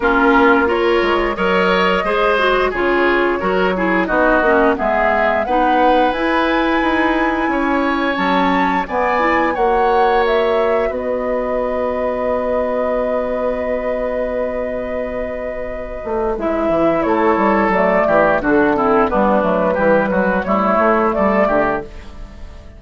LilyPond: <<
  \new Staff \with { instrumentName = "flute" } { \time 4/4 \tempo 4 = 88 ais'4 cis''4 dis''2 | cis''2 dis''4 e''4 | fis''4 gis''2. | a''4 gis''4 fis''4 e''4 |
dis''1~ | dis''1 | e''4 cis''4 d''4 a'4 | b'2 cis''4 d''4 | }
  \new Staff \with { instrumentName = "oboe" } { \time 4/4 f'4 ais'4 cis''4 c''4 | gis'4 ais'8 gis'8 fis'4 gis'4 | b'2. cis''4~ | cis''4 d''4 cis''2 |
b'1~ | b'1~ | b'4 a'4. g'8 fis'8 e'8 | d'4 g'8 fis'8 e'4 a'8 g'8 | }
  \new Staff \with { instrumentName = "clarinet" } { \time 4/4 cis'4 f'4 ais'4 gis'8 fis'8 | f'4 fis'8 e'8 dis'8 cis'8 b4 | dis'4 e'2. | cis'4 b8 e'8 fis'2~ |
fis'1~ | fis'1 | e'2 a4 d'8 c'8 | b8 a8 g4 a2 | }
  \new Staff \with { instrumentName = "bassoon" } { \time 4/4 ais4. gis8 fis4 gis4 | cis4 fis4 b8 ais8 gis4 | b4 e'4 dis'4 cis'4 | fis4 b4 ais2 |
b1~ | b2.~ b8 a8 | gis8 e8 a8 g8 fis8 e8 d4 | g8 fis8 e8 fis8 g8 a8 g8 d8 | }
>>